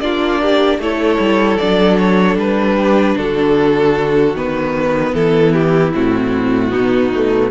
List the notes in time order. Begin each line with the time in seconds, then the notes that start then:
0.00 A#3 D4 F4 D5
0.42 G4
0.79 A3 E4 A4 C#5
1.19 G3
1.58 F#3 D4 D5
1.98 C#5
2.36 G3 B4
2.76 G4
3.17 D3 F#4 A4
4.35 D#3 B3 B4
5.13 E3 E4 A4
5.54 G4
5.94 A2 C4 F#4
6.71 B2 B3 D#4
7.15 A3